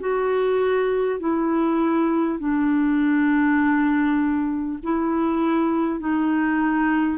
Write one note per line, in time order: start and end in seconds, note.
0.00 1.19 F#4
1.19 2.39 E4
2.39 4.79 D4
4.83 5.99 E4
5.99 7.18 D#4